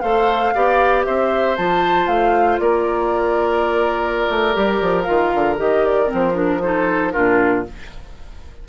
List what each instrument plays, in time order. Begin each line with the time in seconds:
0.00 bassoon A3, clarinet A4, oboe C5, flute F5
0.54 bassoon B3, clarinet G4, oboe D5
1.04 bassoon C4, oboe C5, flute E5
1.56 bassoon F3, clarinet F4, flute A5
2.07 bassoon A3, flute F5
2.59 bassoon A#3, oboe A#4, flute D5
4.29 bassoon A3
4.53 bassoon G3, clarinet G4
4.81 bassoon F3
5.03 bassoon D#3, clarinet F4, flute F5
5.34 bassoon D3
5.57 bassoon D#3, clarinet G4, flute D#5
5.85 flute D5
6.06 clarinet C4
6.13 bassoon F3, flute C5
6.34 clarinet D4, flute A#4
6.62 clarinet D#4, oboe A4, flute C5
7.11 bassoon A#2, clarinet D4, oboe F4, flute A#4